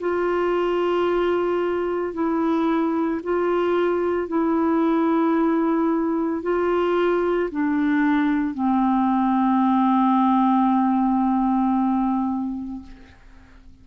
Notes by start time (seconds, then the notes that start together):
0.00 F4
2.14 E4
3.24 F4
4.28 E4
6.43 F4
7.51 D4
8.54 C4